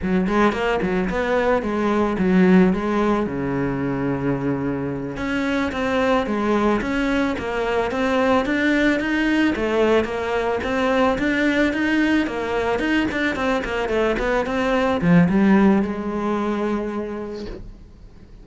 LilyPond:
\new Staff \with { instrumentName = "cello" } { \time 4/4 \tempo 4 = 110 fis8 gis8 ais8 fis8 b4 gis4 | fis4 gis4 cis2~ | cis4. cis'4 c'4 gis8~ | gis8 cis'4 ais4 c'4 d'8~ |
d'8 dis'4 a4 ais4 c'8~ | c'8 d'4 dis'4 ais4 dis'8 | d'8 c'8 ais8 a8 b8 c'4 f8 | g4 gis2. | }